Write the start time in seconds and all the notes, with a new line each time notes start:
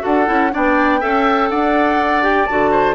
0.00 D4 F#4 A4 F#5
0.26 C#4 E4
0.52 B3 D4 D5 G5
1.00 C#4 A4 E5
1.50 D4 D5 F#5
2.22 G4 G5
2.46 D3 F#4 A5
2.71 C5